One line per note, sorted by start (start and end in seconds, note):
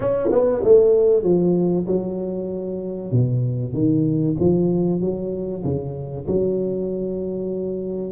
0.00 0.29 C#4
0.31 0.62 B3
0.63 1.23 A3
1.23 1.86 F3
1.87 3.11 F#3
3.11 3.73 B2
3.73 4.36 D#3
4.39 5.00 F3
5.00 5.63 F#3
5.63 6.26 C#3
6.27 8.11 F#3